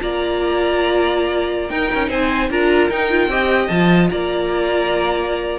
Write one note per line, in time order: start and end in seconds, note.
0.00 1.70 A#3
0.00 1.70 F4
0.00 1.71 D5
0.00 1.70 A#5
1.70 1.90 D#4
1.70 2.51 D#4
1.70 2.10 A#4
1.70 2.10 G5
1.95 2.10 C#4
2.10 2.50 C4
2.10 2.50 C5
2.10 2.51 G#5
2.50 2.90 D4
2.50 2.91 F4
2.50 3.31 A#4
2.50 2.91 A#5
2.90 3.28 D#4
2.90 3.10 D#4
2.90 3.68 G5
3.10 3.30 F4
3.28 3.68 C4
3.28 3.70 G4
3.28 4.11 D#5
3.68 4.11 F3
3.68 5.59 F4
3.68 4.08 A5
4.10 5.59 A#3
4.10 5.59 D5
4.10 5.59 A#5